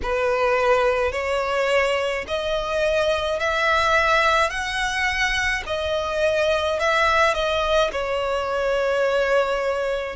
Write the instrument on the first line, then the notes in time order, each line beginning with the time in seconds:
violin
0.02 B4
1.12 C#5
2.27 D#5
3.40 E5
4.50 F#5
5.66 D#5
6.79 E5
7.34 D#5
7.91 C#5